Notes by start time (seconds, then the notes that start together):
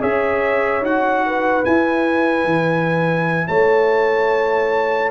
0.00 C#4 G#4 C#5 E5
0.81 D#4 F#4 F#5
1.26 B4
1.63 E4 G#5
2.45 E3
3.47 A3 C#5 A5